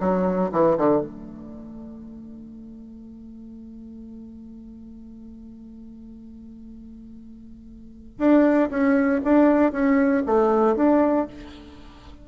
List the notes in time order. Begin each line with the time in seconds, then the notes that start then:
0.00 F#3
0.52 E3
0.78 D3
1.01 A3
8.18 D4
8.70 C#4
9.25 D4
9.72 C#4
10.26 A3
10.76 D4